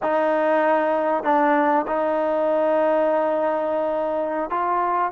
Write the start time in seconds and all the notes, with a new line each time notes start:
0.02 D#4
1.23 D4
1.87 D#4
4.50 F4